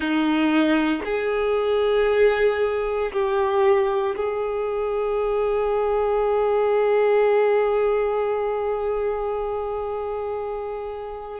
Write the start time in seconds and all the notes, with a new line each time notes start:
0.00 D#4
1.04 G#4
3.12 G4
4.16 G#4